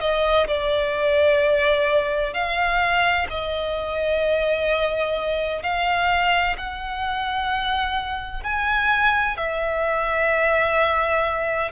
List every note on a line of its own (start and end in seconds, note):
0.00 0.47 D#5
0.47 2.33 D5
2.33 3.27 F5
3.30 5.62 D#5
5.62 6.56 F5
6.57 8.43 F#5
8.43 9.37 G#5
9.37 11.71 E5